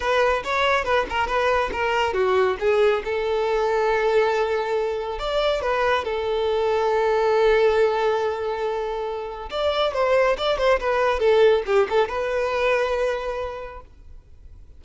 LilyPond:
\new Staff \with { instrumentName = "violin" } { \time 4/4 \tempo 4 = 139 b'4 cis''4 b'8 ais'8 b'4 | ais'4 fis'4 gis'4 a'4~ | a'1 | d''4 b'4 a'2~ |
a'1~ | a'2 d''4 c''4 | d''8 c''8 b'4 a'4 g'8 a'8 | b'1 | }